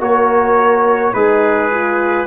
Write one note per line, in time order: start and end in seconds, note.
0.00 1.13 A#3
0.00 1.13 F#4
0.00 1.13 A#4
0.00 1.14 C#5
1.13 2.26 G#3
1.13 1.70 D#4
1.13 2.26 G#4
1.13 2.26 B4
1.71 2.26 F4